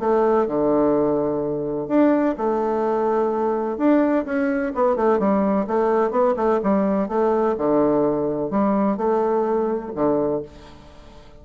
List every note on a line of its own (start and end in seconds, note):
0.00 0.47 A3
0.47 1.88 D3
1.88 2.35 D4
2.38 3.78 A3
3.78 4.25 D4
4.25 4.72 C#4
4.75 4.96 B3
4.96 5.19 A3
5.19 5.67 G3
5.67 6.11 A3
6.11 6.35 B3
6.37 6.60 A3
6.64 7.08 G3
7.08 7.56 A3
7.58 8.50 D3
8.50 8.97 G3
8.97 9.92 A3
9.95 10.43 D3